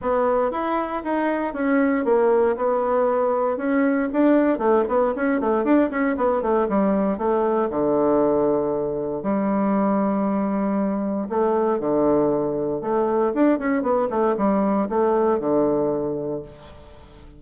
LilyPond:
\new Staff \with { instrumentName = "bassoon" } { \time 4/4 \tempo 4 = 117 b4 e'4 dis'4 cis'4 | ais4 b2 cis'4 | d'4 a8 b8 cis'8 a8 d'8 cis'8 | b8 a8 g4 a4 d4~ |
d2 g2~ | g2 a4 d4~ | d4 a4 d'8 cis'8 b8 a8 | g4 a4 d2 | }